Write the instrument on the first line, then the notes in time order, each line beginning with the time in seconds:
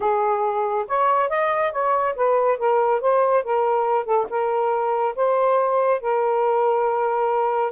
saxophone
0.00 G#4
0.87 C#5
1.29 D#5
1.72 C#5
2.15 B4
2.58 A#4
3.00 C5
3.43 A#4
4.05 A4
4.29 A#4
5.15 C5
6.00 A#4